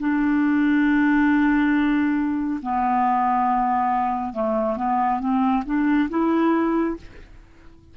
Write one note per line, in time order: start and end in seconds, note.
0.00 2.61 D4
2.62 4.34 B3
4.34 4.77 A3
4.77 5.21 B3
5.21 5.64 C4
5.66 6.09 D4
6.10 6.97 E4